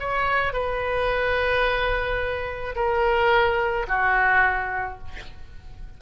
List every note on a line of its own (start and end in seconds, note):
0.00 0.53 C#5
0.53 2.75 B4
2.76 3.87 A#4
3.88 4.99 F#4